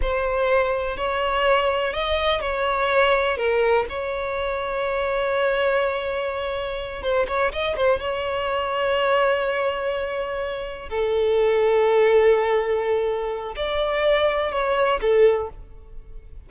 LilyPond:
\new Staff \with { instrumentName = "violin" } { \time 4/4 \tempo 4 = 124 c''2 cis''2 | dis''4 cis''2 ais'4 | cis''1~ | cis''2~ cis''8 c''8 cis''8 dis''8 |
c''8 cis''2.~ cis''8~ | cis''2~ cis''8 a'4.~ | a'1 | d''2 cis''4 a'4 | }